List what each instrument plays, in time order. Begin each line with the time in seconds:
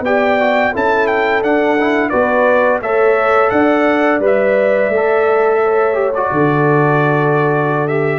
0.00 tuba B3, trombone G4, horn D5, trumpet G5
0.40 trombone F#4
0.72 tuba C#4, trombone E4, horn A4, trumpet A5
1.07 trumpet G5
1.42 tuba D4, trombone D4, trumpet F#5
1.79 trombone E4
2.09 tuba B3, trombone F#4, horn B4, trumpet D5
2.81 tuba A3, trombone A4, horn C#5, trumpet E5
3.49 tuba D4, horn D5, trumpet F#5
4.19 tuba G3, trombone B4
4.26 trumpet E5
4.89 tuba A3
4.96 trombone A4
5.63 horn C#5
5.94 trombone G4
6.14 trombone F#4, trumpet D5
6.31 tuba D3, horn A4
7.88 trombone G4, trumpet E5